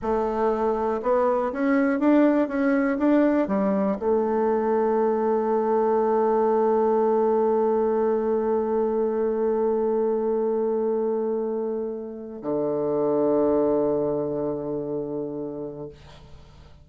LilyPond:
\new Staff \with { instrumentName = "bassoon" } { \time 4/4 \tempo 4 = 121 a2 b4 cis'4 | d'4 cis'4 d'4 g4 | a1~ | a1~ |
a1~ | a1~ | a4 d2.~ | d1 | }